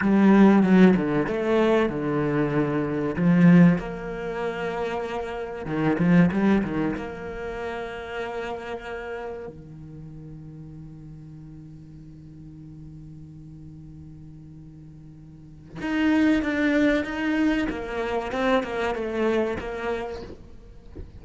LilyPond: \new Staff \with { instrumentName = "cello" } { \time 4/4 \tempo 4 = 95 g4 fis8 d8 a4 d4~ | d4 f4 ais2~ | ais4 dis8 f8 g8 dis8 ais4~ | ais2. dis4~ |
dis1~ | dis1~ | dis4 dis'4 d'4 dis'4 | ais4 c'8 ais8 a4 ais4 | }